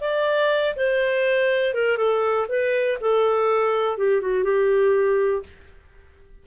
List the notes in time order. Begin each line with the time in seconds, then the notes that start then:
0.00 D5
0.76 C5
1.74 A#4
1.97 A4
2.48 B4
3.01 A4
3.98 G4
4.21 F#4
4.43 G4